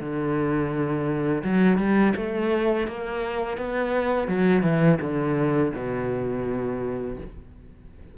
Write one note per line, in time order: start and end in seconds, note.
0.00 1.43 D3
1.44 1.78 F#3
1.78 2.13 G3
2.16 2.87 A3
2.87 3.57 A#3
3.57 4.28 B3
4.28 4.63 F#3
4.63 4.98 E3
5.01 5.72 D3
5.74 7.17 B2